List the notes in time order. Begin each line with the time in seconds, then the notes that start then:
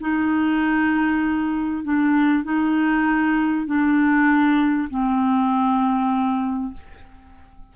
0.00 D#4
1.84 D4
2.44 D#4
3.66 D4
4.90 C4